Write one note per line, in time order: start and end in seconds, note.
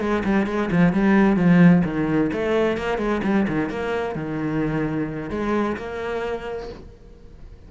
0.00 0.23 G#3
0.25 0.47 G3
0.47 0.70 G#3
0.72 0.93 F3
0.93 1.37 G3
1.37 1.83 F3
1.85 2.31 D#3
2.33 2.77 A3
2.77 2.98 A#3
2.98 3.21 G#3
3.24 3.47 G3
3.48 3.70 D#3
3.70 4.15 A#3
4.15 5.30 D#3
5.30 5.77 G#3
5.77 6.69 A#3